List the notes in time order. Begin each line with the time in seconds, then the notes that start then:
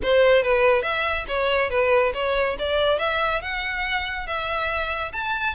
0.03 C5
0.43 B4
0.82 E5
1.28 C#5
1.70 B4
2.14 C#5
2.58 D5
2.98 E5
3.41 F#5
4.27 E5
5.12 A5